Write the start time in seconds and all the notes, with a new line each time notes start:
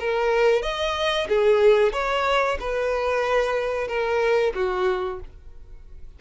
0.00 A#4
0.63 D#5
1.29 G#4
1.93 C#5
2.60 B4
3.88 A#4
4.55 F#4